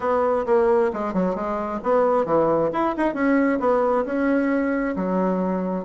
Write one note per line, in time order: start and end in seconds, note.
0.00 0.45 B3
0.46 0.91 A#3
0.93 1.13 G#3
1.13 1.35 F#3
1.35 1.80 G#3
1.83 2.25 B3
2.25 2.70 E3
2.72 2.95 E4
2.97 3.14 D#4
3.14 3.59 C#4
3.59 4.04 B3
4.05 4.95 C#4
4.96 5.84 F#3